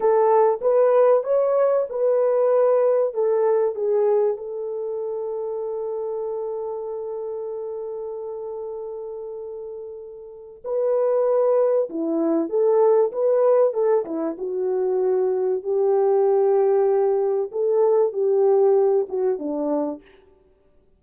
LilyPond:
\new Staff \with { instrumentName = "horn" } { \time 4/4 \tempo 4 = 96 a'4 b'4 cis''4 b'4~ | b'4 a'4 gis'4 a'4~ | a'1~ | a'1~ |
a'4 b'2 e'4 | a'4 b'4 a'8 e'8 fis'4~ | fis'4 g'2. | a'4 g'4. fis'8 d'4 | }